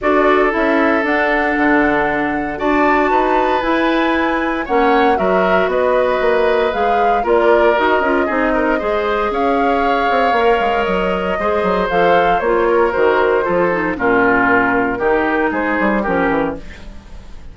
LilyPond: <<
  \new Staff \with { instrumentName = "flute" } { \time 4/4 \tempo 4 = 116 d''4 e''4 fis''2~ | fis''4 a''2 gis''4~ | gis''4 fis''4 e''4 dis''4~ | dis''4 f''4 d''4 dis''4~ |
dis''2 f''2~ | f''4 dis''2 f''4 | cis''4 c''2 ais'4~ | ais'2 c''4 ais'4 | }
  \new Staff \with { instrumentName = "oboe" } { \time 4/4 a'1~ | a'4 d''4 b'2~ | b'4 cis''4 ais'4 b'4~ | b'2 ais'2 |
gis'8 ais'8 c''4 cis''2~ | cis''2 c''2~ | c''8 ais'4. a'4 f'4~ | f'4 g'4 gis'4 g'4 | }
  \new Staff \with { instrumentName = "clarinet" } { \time 4/4 fis'4 e'4 d'2~ | d'4 fis'2 e'4~ | e'4 cis'4 fis'2~ | fis'4 gis'4 f'4 fis'8 f'8 |
dis'4 gis'2. | ais'2 gis'4 a'4 | f'4 fis'4 f'8 dis'8 cis'4~ | cis'4 dis'2 cis'4 | }
  \new Staff \with { instrumentName = "bassoon" } { \time 4/4 d'4 cis'4 d'4 d4~ | d4 d'4 dis'4 e'4~ | e'4 ais4 fis4 b4 | ais4 gis4 ais4 dis'8 cis'8 |
c'4 gis4 cis'4. c'8 | ais8 gis8 fis4 gis8 fis8 f4 | ais4 dis4 f4 ais,4~ | ais,4 dis4 gis8 g8 f8 e8 | }
>>